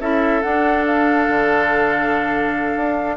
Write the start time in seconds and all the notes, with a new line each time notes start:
0.00 C#4 E4 A4 E5
0.42 D4 F#5
0.85 F5
1.29 D3
2.76 D4